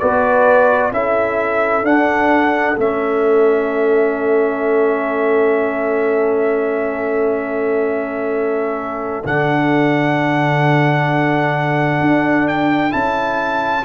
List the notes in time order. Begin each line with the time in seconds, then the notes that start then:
0.00 B3 F#4 B4 D5
0.92 C#4 E4 A4 E5
1.83 D4 F#5
2.78 A3 C#4 E5
9.25 D3 D4 F#5
12.01 D4
12.48 G5
12.91 C#4 E4 A5